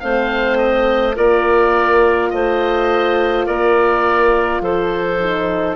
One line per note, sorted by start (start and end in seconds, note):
0.00 1.18 A3
0.00 1.15 C4
0.00 1.16 C5
0.00 0.58 F5
0.58 1.15 D#5
1.15 2.32 A#3
1.15 5.19 F4
1.15 2.31 A#4
1.15 2.30 D5
2.30 3.48 A3
2.30 3.46 C5
2.30 3.45 D#5
3.46 4.61 A#3
3.46 4.62 A#4
3.46 4.62 D5
4.61 5.76 F3
4.61 5.76 A4
4.61 5.76 C5
5.20 5.76 D#4